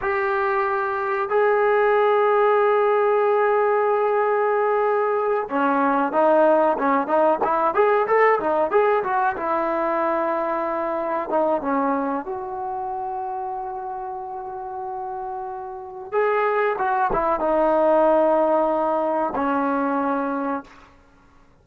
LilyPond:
\new Staff \with { instrumentName = "trombone" } { \time 4/4 \tempo 4 = 93 g'2 gis'2~ | gis'1~ | gis'8 cis'4 dis'4 cis'8 dis'8 e'8 | gis'8 a'8 dis'8 gis'8 fis'8 e'4.~ |
e'4. dis'8 cis'4 fis'4~ | fis'1~ | fis'4 gis'4 fis'8 e'8 dis'4~ | dis'2 cis'2 | }